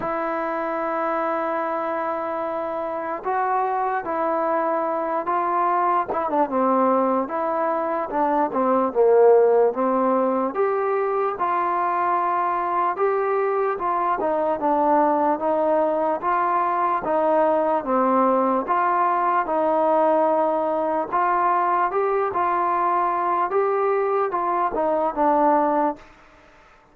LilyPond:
\new Staff \with { instrumentName = "trombone" } { \time 4/4 \tempo 4 = 74 e'1 | fis'4 e'4. f'4 e'16 d'16 | c'4 e'4 d'8 c'8 ais4 | c'4 g'4 f'2 |
g'4 f'8 dis'8 d'4 dis'4 | f'4 dis'4 c'4 f'4 | dis'2 f'4 g'8 f'8~ | f'4 g'4 f'8 dis'8 d'4 | }